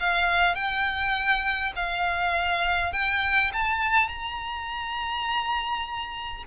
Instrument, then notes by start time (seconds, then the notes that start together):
violin
0.00 F5
0.55 G5
1.76 F5
2.93 G5
3.53 A5
4.08 A#5